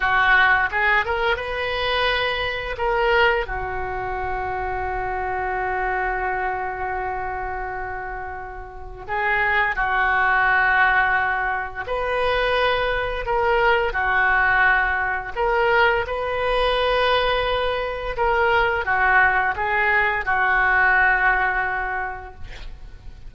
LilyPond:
\new Staff \with { instrumentName = "oboe" } { \time 4/4 \tempo 4 = 86 fis'4 gis'8 ais'8 b'2 | ais'4 fis'2.~ | fis'1~ | fis'4 gis'4 fis'2~ |
fis'4 b'2 ais'4 | fis'2 ais'4 b'4~ | b'2 ais'4 fis'4 | gis'4 fis'2. | }